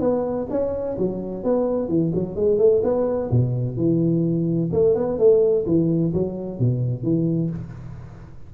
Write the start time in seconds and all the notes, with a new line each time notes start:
0.00 B3
0.50 C#4
0.98 F#3
1.44 B3
1.88 E3
2.15 F#3
2.35 G#3
2.58 A3
2.83 B3
3.30 B2
3.77 E3
4.72 A3
4.95 B3
5.18 A3
5.66 E3
6.13 F#3
6.59 B2
7.03 E3